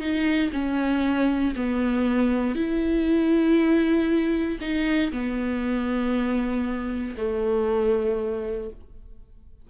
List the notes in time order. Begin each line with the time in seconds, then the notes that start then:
0.00 D#4
0.52 C#4
1.56 B3
2.55 E4
4.61 D#4
5.12 B3
7.17 A3